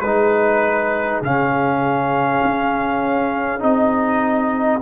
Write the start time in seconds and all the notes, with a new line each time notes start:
0.00 G#3 D#4 G#4 B4
1.22 C#3 C#4 F5
2.44 C#4
3.60 C4 D#4 D#5